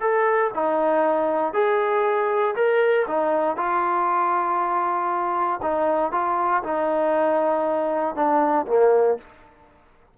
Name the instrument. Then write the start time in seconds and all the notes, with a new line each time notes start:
trombone
0.00 A4
0.54 D#4
1.53 G#4
2.55 A#4
3.07 D#4
3.57 F4
5.62 D#4
6.12 F4
6.63 D#4
8.15 D4
8.67 A#3